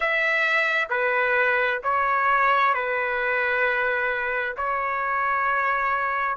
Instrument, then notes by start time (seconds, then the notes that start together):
trumpet
0.00 E5
0.89 B4
1.83 C#5
2.74 B4
4.56 C#5